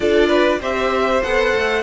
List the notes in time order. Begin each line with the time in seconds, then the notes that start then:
0.00 D4 F4 A4 D5
0.28 B4
0.60 C4 G4 C5 E5
1.22 B3 A4 F#5
1.54 A3